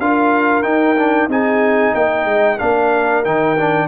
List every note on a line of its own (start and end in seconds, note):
0.00 0.64 D4
0.00 0.64 F4
0.00 1.31 A#4
0.00 0.63 F5
0.63 0.96 D#4
0.63 1.28 D#4
0.63 1.28 G5
0.97 1.30 D4
1.28 1.94 C4
1.28 2.60 D#4
1.28 1.94 G#4
1.28 1.95 G#5
1.94 2.26 A#3
1.94 2.60 D#5
1.94 2.59 G5
2.26 2.58 G#3
2.59 3.26 A#3
2.59 3.25 D4
2.59 3.88 A#4
2.59 3.24 F5
3.25 3.88 D#3
3.25 3.58 D#4
3.25 3.88 G5
3.58 3.88 D4